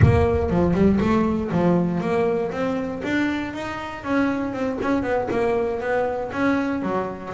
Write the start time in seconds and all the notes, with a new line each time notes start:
0.02 A#3
0.50 F3
0.74 G3
1.00 A3
1.51 F3
2.01 A#3
2.51 C4
3.03 D4
3.53 D#4
4.03 C#4
4.53 C4
4.81 C#4
5.02 B3
5.30 A#3
5.80 B3
6.32 C#4
6.82 F#3